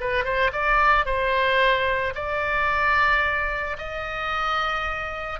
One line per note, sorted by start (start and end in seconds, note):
0.00 0.24 B4
0.24 0.51 C5
0.52 1.05 D5
1.05 2.13 C5
2.14 3.77 D5
3.77 5.39 D#5